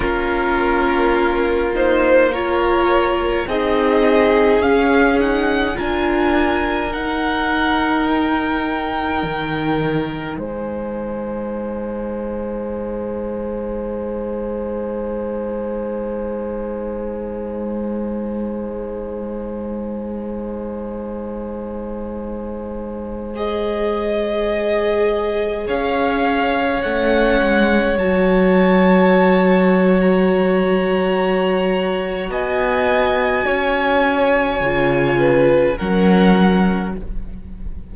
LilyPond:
<<
  \new Staff \with { instrumentName = "violin" } { \time 4/4 \tempo 4 = 52 ais'4. c''8 cis''4 dis''4 | f''8 fis''8 gis''4 fis''4 g''4~ | g''4 gis''2.~ | gis''1~ |
gis''1~ | gis''16 dis''2 f''4 fis''8.~ | fis''16 a''4.~ a''16 ais''2 | gis''2. fis''4 | }
  \new Staff \with { instrumentName = "violin" } { \time 4/4 f'2 ais'4 gis'4~ | gis'4 ais'2.~ | ais'4 c''2.~ | c''1~ |
c''1~ | c''2~ c''16 cis''4.~ cis''16~ | cis''1 | dis''4 cis''4. b'8 ais'4 | }
  \new Staff \with { instrumentName = "viola" } { \time 4/4 cis'4. dis'8 f'4 dis'4 | cis'8 dis'8 f'4 dis'2~ | dis'1~ | dis'1~ |
dis'1~ | dis'16 gis'2. cis'8.~ | cis'16 fis'2.~ fis'8.~ | fis'2 f'4 cis'4 | }
  \new Staff \with { instrumentName = "cello" } { \time 4/4 ais2. c'4 | cis'4 d'4 dis'2 | dis4 gis2.~ | gis1~ |
gis1~ | gis2~ gis16 cis'4 a8 gis16~ | gis16 fis2.~ fis8. | b4 cis'4 cis4 fis4 | }
>>